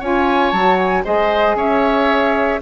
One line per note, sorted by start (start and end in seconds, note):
0.00 0.52 C#4
0.00 0.53 F4
0.00 1.03 C#5
0.00 0.52 G#5
0.52 1.04 F#3
0.52 1.04 F#4
0.52 0.78 A5
0.78 1.04 G#5
1.04 1.55 G#3
1.04 2.59 G#4
1.04 1.56 C5
1.04 1.57 D#5
1.55 2.59 C#4
1.55 2.61 C#5
1.55 2.61 E5